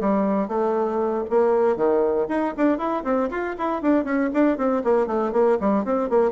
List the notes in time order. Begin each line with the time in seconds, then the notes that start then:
0.00 G3
0.48 A3
1.30 A#3
1.76 D#3
2.28 D#4
2.57 D4
2.78 E4
3.04 C4
3.30 F4
3.58 E4
3.82 D4
4.04 C#4
4.34 D4
4.57 C4
4.84 A#3
5.07 A3
5.32 A#3
5.60 G3
5.85 C4
6.10 A#3